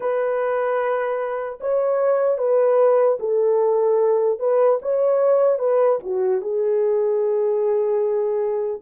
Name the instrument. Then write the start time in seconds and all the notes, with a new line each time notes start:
horn
0.00 B4
1.60 C#5
2.37 B4
3.19 A4
4.39 B4
4.82 C#5
5.58 B4
6.03 F#4
6.41 G#4